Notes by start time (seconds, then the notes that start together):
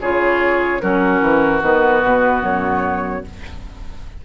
0.00 C#3 F4 G#4 C#5
0.80 F#3 C#4 F#4 A#4
1.21 E3
1.62 D#3 B3 B4
2.04 B2
2.42 F#2 C#5